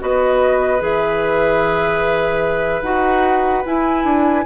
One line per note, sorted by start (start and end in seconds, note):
0.00 0.81 B3
0.00 0.80 F#4
0.00 4.46 B4
0.00 0.83 D#5
0.80 2.82 E3
0.80 2.82 G#4
0.80 2.82 E5
2.82 3.63 D#4
2.82 3.65 F#4
2.82 3.64 F#5
3.65 4.46 E4
3.65 4.05 E4
3.65 4.46 G#5
4.05 4.45 D4